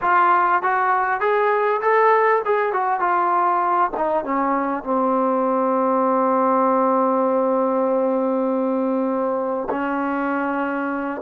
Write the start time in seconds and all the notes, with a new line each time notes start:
0.01 F4
0.62 F#4
1.20 G#4
1.81 A4
2.45 G#4
2.72 F#4
3.00 F4
3.96 D#4
4.24 C#4
4.83 C4
9.70 C#4